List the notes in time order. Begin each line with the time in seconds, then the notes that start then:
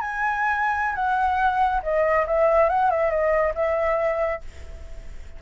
0.00 G#5
0.95 F#5
1.82 D#5
2.26 E5
2.69 F#5
2.90 E5
3.10 D#5
3.55 E5